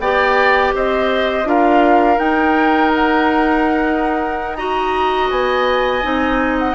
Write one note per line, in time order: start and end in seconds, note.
0.00 0.73 B3
0.00 1.45 G4
0.00 0.74 D5
0.00 0.73 G5
0.75 1.45 C4
0.75 1.48 C5
0.75 1.49 D#5
1.45 2.18 D4
1.45 2.17 F4
1.45 4.57 A#4
1.45 2.19 F5
2.17 4.55 D#4
2.17 5.30 D#4
2.17 2.92 G5
2.95 4.56 F#5
4.56 6.02 F#4
4.56 6.75 D#5
4.56 5.29 A#5
5.30 6.04 B3
5.30 6.58 G#5
6.02 6.75 C4
6.02 6.75 D#4
6.59 6.75 F#5